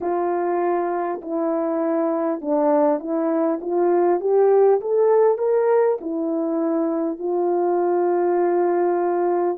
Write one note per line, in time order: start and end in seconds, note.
0.01 1.21 F4
1.21 2.41 E4
2.41 2.99 D4
2.99 3.59 E4
3.61 4.20 F4
4.20 4.80 G4
4.81 5.38 A4
5.38 5.98 A#4
6.01 7.18 E4
7.18 9.58 F4